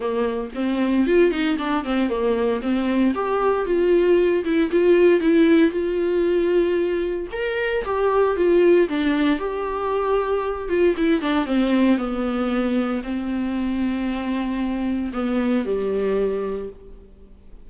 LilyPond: \new Staff \with { instrumentName = "viola" } { \time 4/4 \tempo 4 = 115 ais4 c'4 f'8 dis'8 d'8 c'8 | ais4 c'4 g'4 f'4~ | f'8 e'8 f'4 e'4 f'4~ | f'2 ais'4 g'4 |
f'4 d'4 g'2~ | g'8 f'8 e'8 d'8 c'4 b4~ | b4 c'2.~ | c'4 b4 g2 | }